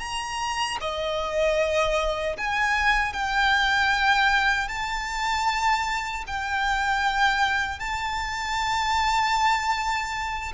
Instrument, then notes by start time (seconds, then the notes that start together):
violin
0.00 A#5
0.81 D#5
2.38 G#5
3.13 G5
4.69 A5
6.28 G5
7.80 A5